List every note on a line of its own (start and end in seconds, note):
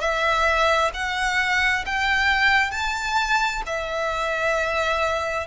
0.00 0.91 E5
0.93 1.84 F#5
1.86 2.71 G5
2.71 3.62 A5
3.66 5.47 E5